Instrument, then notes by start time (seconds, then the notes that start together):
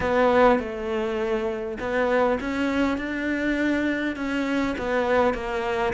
cello
0.00 B3
0.59 A3
1.79 B3
2.40 C#4
2.97 D4
4.16 C#4
4.77 B3
5.34 A#3